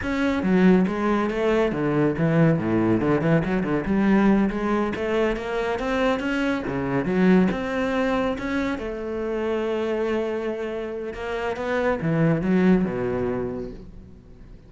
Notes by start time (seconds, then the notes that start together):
0.02 C#4
0.42 F#3
0.87 G#3
1.30 A3
1.72 D3
2.17 E3
2.58 A2
3.00 D3
3.21 E3
3.44 F#3
3.63 D3
3.85 G3
4.49 G#3
4.95 A3
5.36 A#3
5.79 C4
6.19 C#4
6.67 C#3
7.05 F#3
7.51 C4
8.38 C#4
8.78 A3
11.13 A#3
11.56 B3
12.01 E3
12.41 F#3
12.84 B2